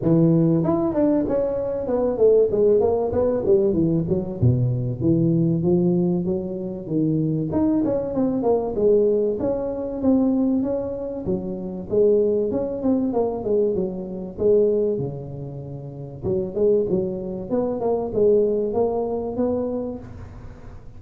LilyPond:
\new Staff \with { instrumentName = "tuba" } { \time 4/4 \tempo 4 = 96 e4 e'8 d'8 cis'4 b8 a8 | gis8 ais8 b8 g8 e8 fis8 b,4 | e4 f4 fis4 dis4 | dis'8 cis'8 c'8 ais8 gis4 cis'4 |
c'4 cis'4 fis4 gis4 | cis'8 c'8 ais8 gis8 fis4 gis4 | cis2 fis8 gis8 fis4 | b8 ais8 gis4 ais4 b4 | }